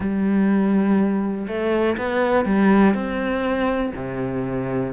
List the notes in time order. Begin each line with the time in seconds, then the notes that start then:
0.00 G3
1.47 A3
1.97 B3
2.45 G3
2.94 C4
3.95 C3